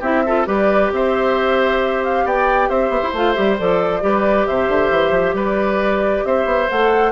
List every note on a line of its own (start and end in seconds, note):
0.00 0.46 C4
0.00 0.25 E4
0.00 0.22 G4
0.00 0.47 E5
0.26 0.46 F4
0.26 0.47 A4
0.46 0.91 G3
0.46 3.12 G4
0.46 0.92 B4
0.46 0.92 D5
0.92 2.25 C4
0.92 2.25 C5
0.92 2.04 E5
2.04 2.27 F5
2.25 2.69 B3
2.25 2.69 D5
2.25 2.69 G5
2.69 2.89 C4
2.69 4.03 C5
2.69 3.14 E5
2.89 3.01 B3
3.02 3.13 E4
3.13 3.36 A3
3.13 3.35 F4
3.13 3.33 F5
3.33 3.60 G3
3.33 3.57 G4
3.33 3.55 E5
3.59 4.02 F3
3.59 4.01 A4
3.59 4.46 D5
4.01 4.47 G3
4.01 6.67 G4
4.01 4.48 B4
4.46 4.68 C3
4.46 5.35 C5
4.46 5.35 E5
4.68 4.90 D3
4.90 5.11 E3
5.11 5.33 F3
5.33 6.22 G3
5.33 6.24 B4
5.33 6.25 D5
6.25 6.45 C4
6.25 7.12 C5
6.25 6.69 E5
6.45 6.67 B3
6.70 7.12 A3
6.70 7.12 A4
6.70 7.12 F#5